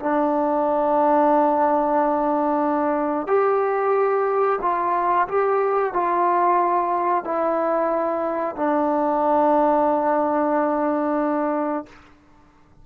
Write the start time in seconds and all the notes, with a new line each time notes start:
0.00 D4
3.27 G4
4.62 F4
5.28 G4
5.93 F4
7.24 E4
8.56 D4